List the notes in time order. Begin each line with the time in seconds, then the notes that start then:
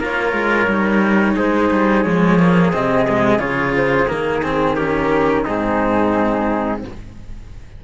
0.00 A#3 F4 A#4 C#5
0.32 G#3
0.68 G3 D#4
1.35 G#3 G#4 C5
1.71 G3
2.03 F3 G#3 C#5
2.39 A#3
2.72 C3 C4 D#5
3.09 G#3
3.38 C#3 F4 C#5
3.77 C5
4.08 D#3 A#3 A#4
4.42 C4 G#4
4.75 C#4 G4 A#4
5.44 G#2 C4 D#4 G#4